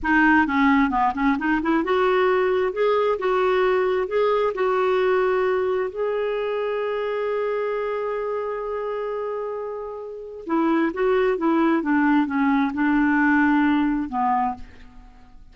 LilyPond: \new Staff \with { instrumentName = "clarinet" } { \time 4/4 \tempo 4 = 132 dis'4 cis'4 b8 cis'8 dis'8 e'8 | fis'2 gis'4 fis'4~ | fis'4 gis'4 fis'2~ | fis'4 gis'2.~ |
gis'1~ | gis'2. e'4 | fis'4 e'4 d'4 cis'4 | d'2. b4 | }